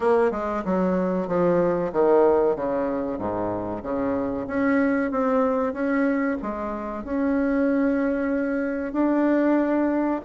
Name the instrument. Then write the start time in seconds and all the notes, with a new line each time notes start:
bassoon
0.00 A#3
0.31 G#3
0.64 F#3
1.27 F3
1.92 D#3
2.56 C#3
3.18 G#2
3.82 C#3
4.47 C#4
5.11 C4
5.73 C#4
6.42 G#3
7.04 C#4
8.92 D4